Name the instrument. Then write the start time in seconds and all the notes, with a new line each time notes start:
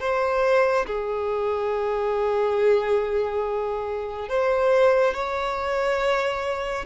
violin
0.00 C5
0.86 G#4
4.29 C5
5.14 C#5